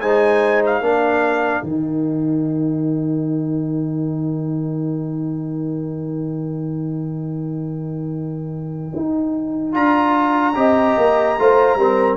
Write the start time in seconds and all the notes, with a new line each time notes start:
0.00 G#3 D#4 C5 G#5
0.66 F5
0.81 A#3 D4 A#4
1.63 D#3 D#4 G5
8.96 D#4
9.72 D4 F4 A#5
10.55 C4 G4 D#5
10.97 A#3
11.38 A3 F4 C5
11.75 G3 C4 A#4